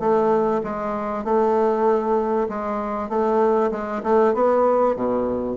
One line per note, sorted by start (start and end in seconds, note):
0.00 0.62 A3
0.64 1.25 G#3
1.25 2.49 A3
2.49 3.10 G#3
3.10 3.71 A3
3.72 4.03 G#3
4.04 4.34 A3
4.34 4.96 B3
4.97 5.57 B2